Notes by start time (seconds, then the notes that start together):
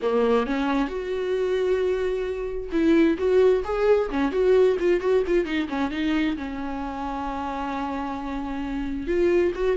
0.01 A#3
0.46 C#4
0.88 F#4
2.71 E4
3.18 F#4
3.64 G#4
4.10 C#4
4.31 F#4
4.79 F4
5.00 F#4
5.26 F4
5.45 D#4
5.69 C#4
5.90 D#4
6.36 C#4
9.07 F4
9.54 F#4